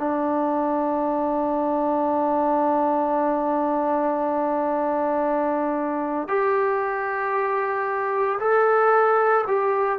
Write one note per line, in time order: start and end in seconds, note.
0.00 6.29 D4
6.29 8.39 G4
8.40 9.45 A4
9.48 9.99 G4